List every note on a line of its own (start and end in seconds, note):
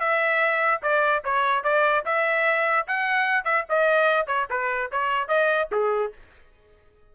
0.00 0.82 E5
0.83 1.23 D5
1.25 1.64 C#5
1.64 2.05 D5
2.05 2.87 E5
2.87 3.45 F#5
3.45 3.65 E5
3.70 4.27 D#5
4.27 4.47 C#5
4.50 4.91 B4
4.92 5.28 C#5
5.28 5.69 D#5
5.72 6.13 G#4